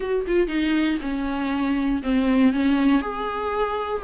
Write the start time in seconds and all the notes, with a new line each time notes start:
0.00 F#4
0.27 F4
0.47 D#4
1.01 C#4
2.02 C4
2.53 C#4
3.01 G#4